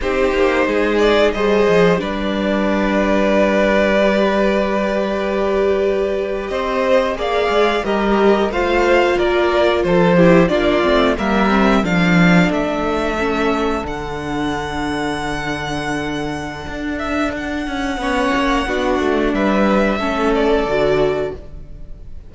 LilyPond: <<
  \new Staff \with { instrumentName = "violin" } { \time 4/4 \tempo 4 = 90 c''4. d''8 dis''4 d''4~ | d''1~ | d''4.~ d''16 dis''4 f''4 dis''16~ | dis''8. f''4 d''4 c''4 d''16~ |
d''8. e''4 f''4 e''4~ e''16~ | e''8. fis''2.~ fis''16~ | fis''4. e''8 fis''2~ | fis''4 e''4. d''4. | }
  \new Staff \with { instrumentName = "violin" } { \time 4/4 g'4 gis'4 c''4 b'4~ | b'1~ | b'4.~ b'16 c''4 d''4 ais'16~ | ais'8. c''4 ais'4 a'8 g'8 f'16~ |
f'8. ais'4 a'2~ a'16~ | a'1~ | a'2. cis''4 | fis'4 b'4 a'2 | }
  \new Staff \with { instrumentName = "viola" } { \time 4/4 dis'2 gis'4 d'4~ | d'2 g'2~ | g'2~ g'8. gis'4 g'16~ | g'8. f'2~ f'8 e'8 d'16~ |
d'16 c'8 ais8 c'8 d'2 cis'16~ | cis'8. d'2.~ d'16~ | d'2. cis'4 | d'2 cis'4 fis'4 | }
  \new Staff \with { instrumentName = "cello" } { \time 4/4 c'8 ais8 gis4 g8 f8 g4~ | g1~ | g4.~ g16 c'4 ais8 gis8 g16~ | g8. a4 ais4 f4 ais16~ |
ais16 a8 g4 f4 a4~ a16~ | a8. d2.~ d16~ | d4 d'4. cis'8 b8 ais8 | b8 a8 g4 a4 d4 | }
>>